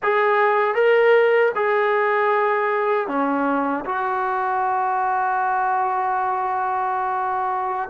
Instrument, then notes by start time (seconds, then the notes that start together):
trombone
0.02 G#4
0.74 A#4
1.55 G#4
3.07 C#4
3.85 F#4